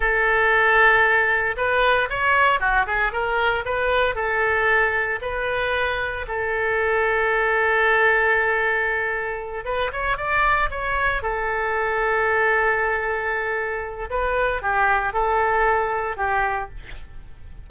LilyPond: \new Staff \with { instrumentName = "oboe" } { \time 4/4 \tempo 4 = 115 a'2. b'4 | cis''4 fis'8 gis'8 ais'4 b'4 | a'2 b'2 | a'1~ |
a'2~ a'8 b'8 cis''8 d''8~ | d''8 cis''4 a'2~ a'8~ | a'2. b'4 | g'4 a'2 g'4 | }